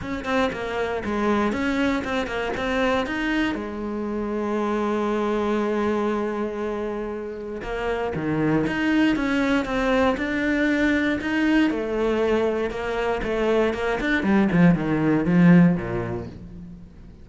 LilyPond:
\new Staff \with { instrumentName = "cello" } { \time 4/4 \tempo 4 = 118 cis'8 c'8 ais4 gis4 cis'4 | c'8 ais8 c'4 dis'4 gis4~ | gis1~ | gis2. ais4 |
dis4 dis'4 cis'4 c'4 | d'2 dis'4 a4~ | a4 ais4 a4 ais8 d'8 | g8 f8 dis4 f4 ais,4 | }